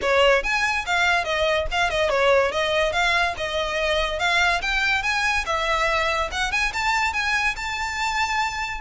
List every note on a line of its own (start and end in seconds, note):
0.01 0.43 C#5
0.43 0.85 G#5
0.85 1.24 F5
1.24 1.66 D#5
1.71 1.89 F5
1.89 2.09 D#5
2.09 2.51 C#5
2.51 2.92 D#5
2.92 3.34 F5
3.37 4.19 D#5
4.19 4.61 F5
4.61 5.02 G5
5.02 5.44 G#5
5.46 6.30 E5
6.31 6.51 F#5
6.51 6.72 G#5
6.73 7.13 A5
7.13 7.55 G#5
7.55 8.80 A5